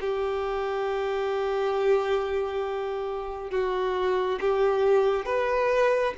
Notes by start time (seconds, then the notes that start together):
0.00 G4
3.51 F#4
4.40 G4
5.25 B4